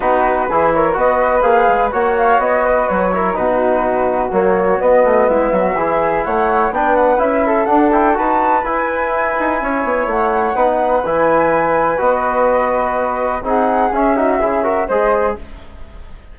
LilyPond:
<<
  \new Staff \with { instrumentName = "flute" } { \time 4/4 \tempo 4 = 125 b'4. cis''8 dis''4 f''4 | fis''8 f''8 dis''4 cis''4 b'4~ | b'4 cis''4 dis''4 e''4~ | e''4 fis''4 g''8 fis''8 e''4 |
fis''8 g''8 a''4 gis''2~ | gis''4 fis''2 gis''4~ | gis''4 dis''2. | fis''4 e''2 dis''4 | }
  \new Staff \with { instrumentName = "flute" } { \time 4/4 fis'4 gis'8 ais'8 b'2 | cis''4. b'4 ais'8 fis'4~ | fis'2. e'8 fis'8 | gis'4 cis''4 b'4. a'8~ |
a'4 b'2. | cis''2 b'2~ | b'1 | gis'4. fis'8 gis'8 ais'8 c''4 | }
  \new Staff \with { instrumentName = "trombone" } { \time 4/4 dis'4 e'4 fis'4 gis'4 | fis'2~ fis'8 e'8 dis'4~ | dis'4 ais4 b2 | e'2 d'4 e'4 |
d'8 e'8 fis'4 e'2~ | e'2 dis'4 e'4~ | e'4 fis'2. | dis'4 cis'8 dis'8 e'8 fis'8 gis'4 | }
  \new Staff \with { instrumentName = "bassoon" } { \time 4/4 b4 e4 b4 ais8 gis8 | ais4 b4 fis4 b,4~ | b,4 fis4 b8 a8 gis8 fis8 | e4 a4 b4 cis'4 |
d'4 dis'4 e'4. dis'8 | cis'8 b8 a4 b4 e4~ | e4 b2. | c'4 cis'4 cis4 gis4 | }
>>